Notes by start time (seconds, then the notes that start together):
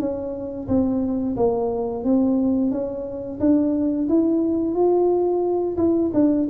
0.00 C#4
0.68 C4
1.37 A#3
2.04 C4
2.71 C#4
3.40 D4
4.09 E4
4.75 F4
5.78 E4
6.14 D4